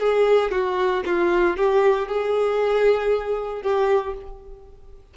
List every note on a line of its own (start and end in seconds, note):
0.00 0.52 G#4
0.52 1.03 F#4
1.06 1.57 F4
1.57 2.08 G4
2.08 3.63 G#4
3.63 4.15 G4